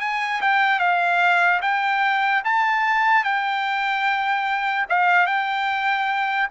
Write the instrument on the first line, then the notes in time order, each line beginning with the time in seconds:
trumpet
0.00 G#5
0.41 G5
0.79 F5
1.61 G5
2.44 A5
3.24 G5
4.89 F5
5.26 G5